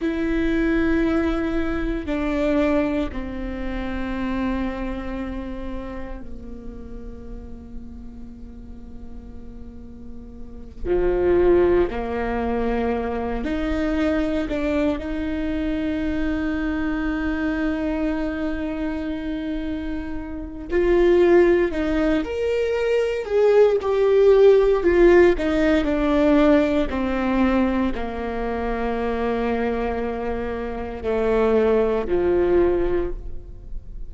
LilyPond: \new Staff \with { instrumentName = "viola" } { \time 4/4 \tempo 4 = 58 e'2 d'4 c'4~ | c'2 ais2~ | ais2~ ais8 f4 ais8~ | ais4 dis'4 d'8 dis'4.~ |
dis'1 | f'4 dis'8 ais'4 gis'8 g'4 | f'8 dis'8 d'4 c'4 ais4~ | ais2 a4 f4 | }